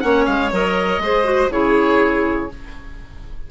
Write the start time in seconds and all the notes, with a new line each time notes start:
0.00 A#3 C#4 C#5 F#5
0.26 G#3 F5
0.52 F#3 A#4 D#5
0.98 G#3 G#4 C5
1.24 F#4
1.49 C#3 E4 G#4 C#5